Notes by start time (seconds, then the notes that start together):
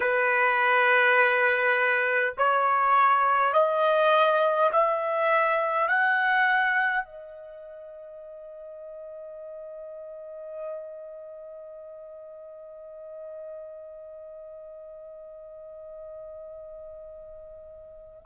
0.00 B4
2.37 C#5
3.53 D#5
4.72 E5
5.88 F#5
7.04 D#5